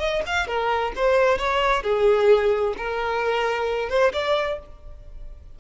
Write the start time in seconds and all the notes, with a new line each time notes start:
0.00 D#5
0.27 F5
0.47 A#4
0.96 C5
1.39 C#5
1.83 G#4
2.78 A#4
3.90 C5
4.14 D5